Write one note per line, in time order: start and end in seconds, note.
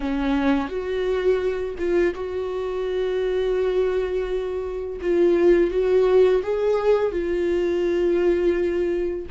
0.00 0.68 C#4
0.68 1.75 F#4
1.78 2.14 F4
2.14 5.00 F#4
5.01 5.70 F4
5.70 6.42 F#4
6.42 7.11 G#4
7.11 9.25 F4